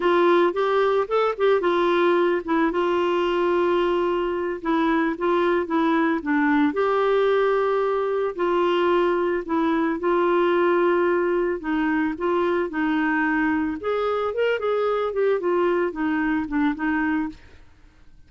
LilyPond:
\new Staff \with { instrumentName = "clarinet" } { \time 4/4 \tempo 4 = 111 f'4 g'4 a'8 g'8 f'4~ | f'8 e'8 f'2.~ | f'8 e'4 f'4 e'4 d'8~ | d'8 g'2. f'8~ |
f'4. e'4 f'4.~ | f'4. dis'4 f'4 dis'8~ | dis'4. gis'4 ais'8 gis'4 | g'8 f'4 dis'4 d'8 dis'4 | }